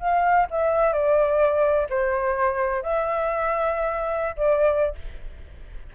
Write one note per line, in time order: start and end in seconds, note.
0.00 0.47 F5
0.51 0.93 E5
0.93 1.88 D5
1.90 2.83 C5
2.83 4.37 E5
4.37 4.96 D5